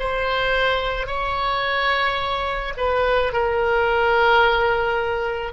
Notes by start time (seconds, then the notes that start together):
0.00 C5
1.07 C#5
2.78 B4
3.33 A#4